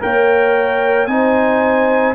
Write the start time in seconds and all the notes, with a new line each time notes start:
0.00 A#3 A#4 C#5 G5
1.07 C4 D#4 C5 G#5